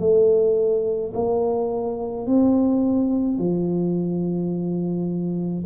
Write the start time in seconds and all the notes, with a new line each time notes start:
0.00 A3
1.14 A#3
2.27 C4
3.39 F3